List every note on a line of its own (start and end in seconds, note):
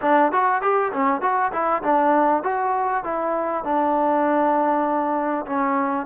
0.01 0.31 D4
0.32 0.61 F#4
0.61 0.91 G4
0.93 1.21 C#4
1.21 1.51 F#4
1.52 1.82 E4
1.82 2.43 D4
2.43 3.03 F#4
3.03 3.64 E4
3.64 5.45 D4
5.45 6.06 C#4